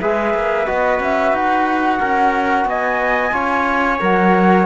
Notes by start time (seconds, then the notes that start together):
0.00 G#3 G#4 B4 E5
0.33 A#3
0.66 B3 F#4 D#5
1.00 C#4 E5
1.32 D#4 F#5
1.99 C#4 A#4
2.65 B3 D#5 G#5
3.32 C#4 F4 C#5
4.00 F#3 A#4 F#5